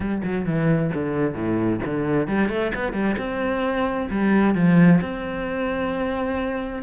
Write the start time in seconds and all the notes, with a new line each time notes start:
0.00 G3
0.23 F#3
0.45 E3
0.94 D3
1.34 A2
1.85 D3
2.27 G3
2.49 A3
2.75 B3
2.93 G3
3.18 C4
4.10 G3
4.55 F3
5.01 C4